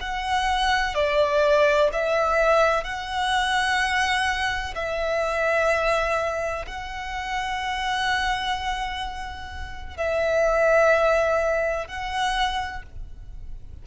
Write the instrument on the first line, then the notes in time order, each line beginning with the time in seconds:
violin
0.00 F#5
0.94 D5
1.92 E5
2.84 F#5
4.75 E5
6.67 F#5
9.97 E5
11.87 F#5